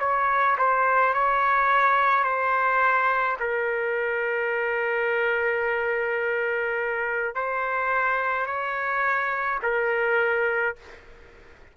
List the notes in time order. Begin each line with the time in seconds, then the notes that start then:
0.00 C#5
0.58 C5
1.14 C#5
2.24 C5
3.40 A#4
7.35 C5
8.46 C#5
9.63 A#4